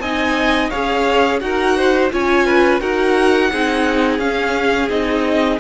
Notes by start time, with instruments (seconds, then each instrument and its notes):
0.00 cello C4, viola D#4, violin D#5 G#5
0.70 cello C#4, viola G#4, violin C#5 F5
1.40 cello D#4, viola F#4, violin A#4 F#5
1.78 violin C5
2.12 cello C#4, viola F4, violin C#5 G#5
2.46 violin B4
2.81 cello D#4, viola F#4, violin A#4 F#5
3.52 cello C4, viola D#4, violin G#4
4.19 cello C#4, viola C#4, violin F5
4.90 cello C4, viola D#4, violin D#5